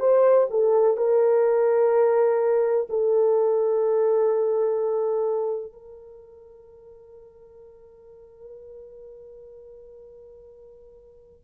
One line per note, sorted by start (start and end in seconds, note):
0.00 0.48 C5
0.50 0.97 A4
0.97 2.87 A#4
2.90 5.73 A4
5.73 11.44 A#4